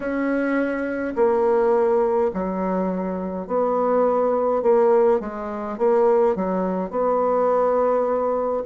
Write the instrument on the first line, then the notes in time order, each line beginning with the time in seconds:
bassoon
0.00 C#4
1.15 A#3
2.33 F#3
3.47 B3
4.62 A#3
5.20 G#3
5.77 A#3
6.35 F#3
6.90 B3